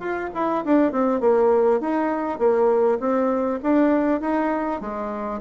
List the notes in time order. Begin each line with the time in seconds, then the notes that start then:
0.00 F4
0.35 E4
0.65 D4
0.92 C4
1.21 A#3
1.81 D#4
2.39 A#3
3.00 C4
3.63 D4
4.21 D#4
4.81 G#3